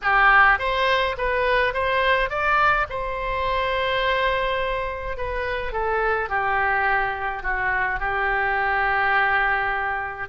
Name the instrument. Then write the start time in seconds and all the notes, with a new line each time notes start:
oboe
0.01 G4
0.58 C5
1.17 B4
1.73 C5
2.29 D5
2.89 C5
5.17 B4
5.72 A4
6.29 G4
7.43 F#4
7.99 G4